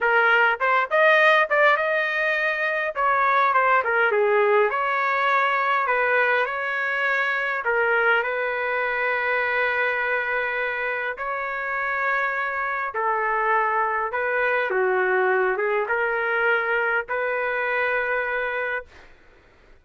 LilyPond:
\new Staff \with { instrumentName = "trumpet" } { \time 4/4 \tempo 4 = 102 ais'4 c''8 dis''4 d''8 dis''4~ | dis''4 cis''4 c''8 ais'8 gis'4 | cis''2 b'4 cis''4~ | cis''4 ais'4 b'2~ |
b'2. cis''4~ | cis''2 a'2 | b'4 fis'4. gis'8 ais'4~ | ais'4 b'2. | }